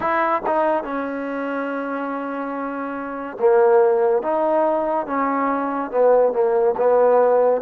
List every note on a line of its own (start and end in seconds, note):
0.00 0.41 E4
0.46 0.83 D#4
0.83 3.36 C#4
3.39 4.22 A#3
4.22 5.06 D#4
5.06 5.90 C#4
5.90 6.32 B3
6.32 6.75 A#3
6.77 7.61 B3